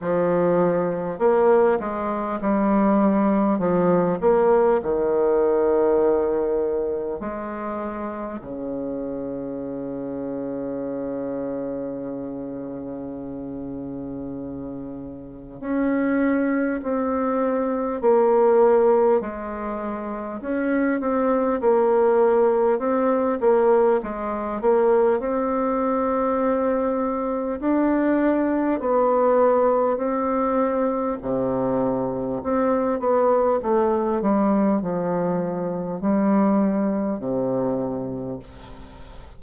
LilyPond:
\new Staff \with { instrumentName = "bassoon" } { \time 4/4 \tempo 4 = 50 f4 ais8 gis8 g4 f8 ais8 | dis2 gis4 cis4~ | cis1~ | cis4 cis'4 c'4 ais4 |
gis4 cis'8 c'8 ais4 c'8 ais8 | gis8 ais8 c'2 d'4 | b4 c'4 c4 c'8 b8 | a8 g8 f4 g4 c4 | }